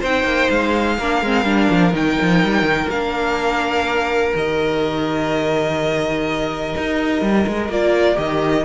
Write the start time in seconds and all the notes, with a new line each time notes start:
0.00 C4 D#4 C5 G5
0.24 A#3
0.50 G#3 F5
0.98 A#3 D4 A#4
1.22 G#3 C4
1.45 G3 D4
1.70 F3
1.92 D#3 D#4 G5
2.21 F3
2.44 G3
2.62 D#3
2.89 A#3 D4 F5
4.35 D#3 G4 D#5
6.77 D#4
7.22 G3
7.47 G#3
7.69 A#3 F4 D5
8.14 D#3 G4 D#5